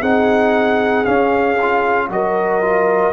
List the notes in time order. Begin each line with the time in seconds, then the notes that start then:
0.00 C4 D#4 G#4 F#5
1.05 C#4 F5
1.62 F4
2.09 F#3 F#4 A#4 D#5
2.62 F4